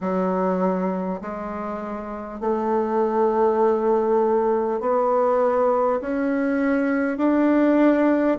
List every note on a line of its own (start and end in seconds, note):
0.01 1.21 F#3
1.21 2.40 G#3
2.40 4.80 A3
4.80 6.00 B3
6.01 7.17 C#4
7.17 8.37 D4